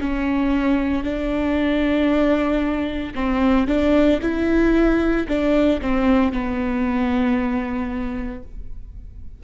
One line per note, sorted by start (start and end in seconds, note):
0.00 1.03 C#4
1.03 3.14 D4
3.14 3.67 C4
3.67 4.20 D4
4.22 5.27 E4
5.28 5.80 D4
5.81 6.32 C4
6.32 8.43 B3